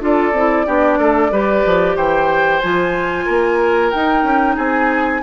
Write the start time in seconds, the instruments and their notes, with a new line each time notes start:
0.00 bassoon D4, clarinet F4, oboe A4, flute D5
0.32 bassoon C4, clarinet E4
0.66 bassoon B3, clarinet D4, oboe G4
0.98 bassoon A3, oboe A4
1.31 bassoon G3, clarinet G4, oboe B4
1.65 bassoon F3
1.96 bassoon E3, oboe C5, flute G5
2.59 bassoon F3, clarinet F4, flute G#5
3.26 bassoon A#3, oboe A#4
3.90 clarinet D#4, bassoon D#4, flute G5
4.23 bassoon C#4
4.56 bassoon C4, oboe G#4, flute G#5